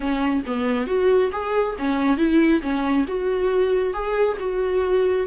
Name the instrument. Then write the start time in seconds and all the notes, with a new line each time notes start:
viola
0.00 C#4
0.46 B3
0.87 F#4
1.32 G#4
1.78 C#4
2.17 E4
2.62 C#4
3.07 F#4
3.93 G#4
4.39 F#4